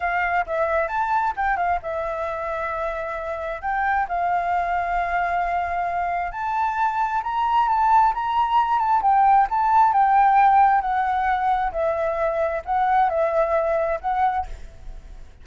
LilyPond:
\new Staff \with { instrumentName = "flute" } { \time 4/4 \tempo 4 = 133 f''4 e''4 a''4 g''8 f''8 | e''1 | g''4 f''2.~ | f''2 a''2 |
ais''4 a''4 ais''4. a''8 | g''4 a''4 g''2 | fis''2 e''2 | fis''4 e''2 fis''4 | }